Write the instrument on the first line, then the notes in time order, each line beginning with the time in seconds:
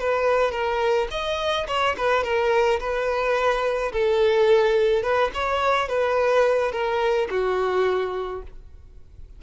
violin
0.00 B4
0.52 A#4
1.11 D#5
1.68 C#5
1.98 B4
2.24 A#4
2.80 B4
3.93 A4
5.03 B4
5.34 C#5
5.89 B4
6.72 A#4
7.30 F#4